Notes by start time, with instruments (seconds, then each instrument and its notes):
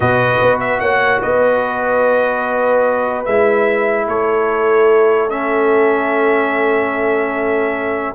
0.00 tuba B2, trombone F#4, horn B4, trumpet D#5
0.42 tuba B3
0.60 trumpet E5
0.80 tuba A#3, horn C#5, trumpet F#5
1.21 tuba B3, horn B4, trumpet D#5
3.25 tuba G#3, trombone E4, trumpet E5
4.07 tuba A3, horn A4, trumpet C#5
5.29 trombone C#4, trumpet E5